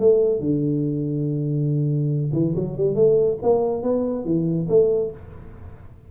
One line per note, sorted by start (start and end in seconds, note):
0.00 0.40 A3
0.40 2.32 D3
2.33 2.55 E3
2.56 2.78 F#3
2.78 2.96 G3
2.96 3.38 A3
3.43 3.83 A#3
3.83 4.25 B3
4.25 4.68 E3
4.69 5.12 A3